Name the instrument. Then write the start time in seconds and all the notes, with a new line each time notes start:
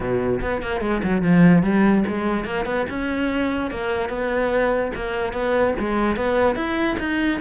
cello
0.00 B2
0.41 B3
0.61 A#3
0.81 G#3
1.03 F#3
1.22 F3
1.63 G3
2.07 G#3
2.44 A#3
2.65 B3
2.89 C#4
3.71 A#3
4.09 B3
4.95 A#3
5.32 B3
5.79 G#3
6.16 B3
6.55 E4
6.99 D#4